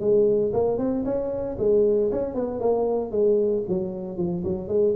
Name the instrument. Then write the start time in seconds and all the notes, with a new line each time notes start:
tuba
0.00 G#3
0.53 A#3
0.78 C4
1.05 C#4
1.58 G#3
2.12 C#4
2.34 B3
2.60 A#3
3.11 G#3
3.68 F#3
4.17 F3
4.44 F#3
4.68 G#3